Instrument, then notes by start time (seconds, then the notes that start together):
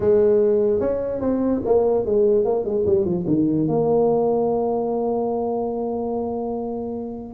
tuba
0.00 G#3
0.80 C#4
1.20 C4
1.65 A#3
2.05 G#3
2.45 A#3
2.65 G#3
2.86 G3
3.05 F3
3.27 D#3
3.68 A#3